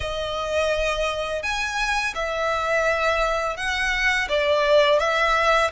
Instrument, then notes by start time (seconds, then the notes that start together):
violin
0.00 D#5
1.42 G#5
2.15 E5
3.56 F#5
4.29 D5
4.99 E5